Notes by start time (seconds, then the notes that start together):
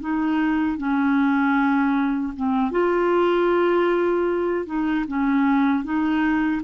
0.00 D#4
0.77 C#4
2.36 C4
2.71 F4
4.66 D#4
5.07 C#4
5.84 D#4